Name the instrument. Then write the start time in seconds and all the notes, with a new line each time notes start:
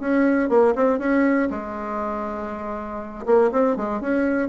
bassoon
0.00 C#4
0.49 A#3
0.75 C4
0.99 C#4
1.50 G#3
3.26 A#3
3.52 C4
3.76 G#3
4.01 C#4